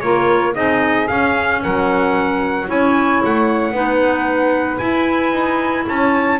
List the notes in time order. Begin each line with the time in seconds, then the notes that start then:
0.00 A#3 F4 A#4 C#5
0.54 C4 D#4 G#4 D#5
1.08 C#4 F5
1.62 F#3 A#4 F#5
2.66 C#4 E4 C#5 G#5
3.24 A3 F#5
3.72 B3 D#4 B4
4.78 E4 G#5
5.32 D#4
5.88 C#4 C#5 A5